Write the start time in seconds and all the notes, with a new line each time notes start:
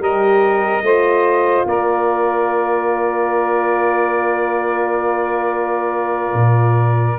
0.00 G3 G4 A#4 D#5
0.82 A3 F4 C5
1.66 A#3 A#4 D5
6.34 A#2